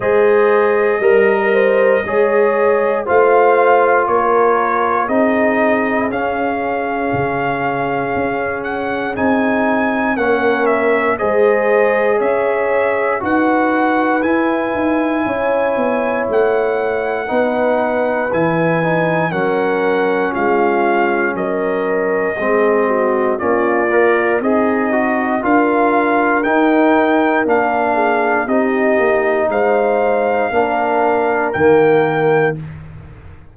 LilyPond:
<<
  \new Staff \with { instrumentName = "trumpet" } { \time 4/4 \tempo 4 = 59 dis''2. f''4 | cis''4 dis''4 f''2~ | f''8 fis''8 gis''4 fis''8 e''8 dis''4 | e''4 fis''4 gis''2 |
fis''2 gis''4 fis''4 | f''4 dis''2 d''4 | dis''4 f''4 g''4 f''4 | dis''4 f''2 g''4 | }
  \new Staff \with { instrumentName = "horn" } { \time 4/4 c''4 ais'8 c''8 cis''4 c''4 | ais'4 gis'2.~ | gis'2 ais'4 c''4 | cis''4 b'2 cis''4~ |
cis''4 b'2 ais'4 | f'4 ais'4 gis'8 fis'8 f'4 | dis'4 ais'2~ ais'8 gis'8 | g'4 c''4 ais'2 | }
  \new Staff \with { instrumentName = "trombone" } { \time 4/4 gis'4 ais'4 gis'4 f'4~ | f'4 dis'4 cis'2~ | cis'4 dis'4 cis'4 gis'4~ | gis'4 fis'4 e'2~ |
e'4 dis'4 e'8 dis'8 cis'4~ | cis'2 c'4 cis'8 ais'8 | gis'8 fis'8 f'4 dis'4 d'4 | dis'2 d'4 ais4 | }
  \new Staff \with { instrumentName = "tuba" } { \time 4/4 gis4 g4 gis4 a4 | ais4 c'4 cis'4 cis4 | cis'4 c'4 ais4 gis4 | cis'4 dis'4 e'8 dis'8 cis'8 b8 |
a4 b4 e4 fis4 | gis4 fis4 gis4 ais4 | c'4 d'4 dis'4 ais4 | c'8 ais8 gis4 ais4 dis4 | }
>>